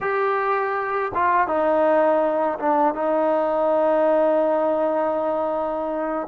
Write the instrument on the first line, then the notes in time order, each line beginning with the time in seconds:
trombone
0.00 G4
1.14 F4
1.47 D#4
2.59 D4
2.94 D#4